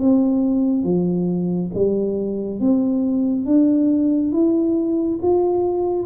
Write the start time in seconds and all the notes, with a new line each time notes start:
0.00 C4
0.84 F3
1.75 G3
2.60 C4
3.46 D4
4.32 E4
5.22 F4